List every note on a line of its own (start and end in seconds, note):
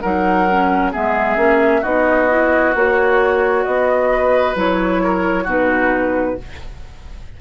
0.00 0.95 F#3
0.00 0.48 D#4
0.00 0.92 A#4
0.00 0.91 F#5
0.51 0.93 C#4
0.92 1.37 G#3
0.92 1.37 B3
0.92 1.81 G#4
0.92 1.83 E5
1.37 1.82 A#3
1.37 1.82 C#4
1.81 2.75 B3
1.81 2.29 D#4
1.81 4.08 F#4
1.81 2.74 D#5
2.29 2.74 E4
2.75 3.66 A#3
2.75 4.55 F#4
2.75 3.64 C#5
3.64 4.55 B3
3.64 4.55 D#5
4.12 5.03 B4
4.55 5.46 F#3
4.55 5.46 E4
4.55 5.48 C#5
5.03 5.44 A#4
5.44 6.37 B2
5.44 6.37 D#4
5.44 6.34 F#4
5.50 6.41 B4